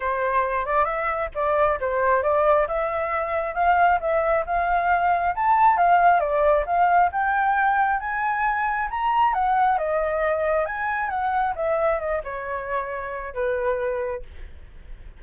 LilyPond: \new Staff \with { instrumentName = "flute" } { \time 4/4 \tempo 4 = 135 c''4. d''8 e''4 d''4 | c''4 d''4 e''2 | f''4 e''4 f''2 | a''4 f''4 d''4 f''4 |
g''2 gis''2 | ais''4 fis''4 dis''2 | gis''4 fis''4 e''4 dis''8 cis''8~ | cis''2 b'2 | }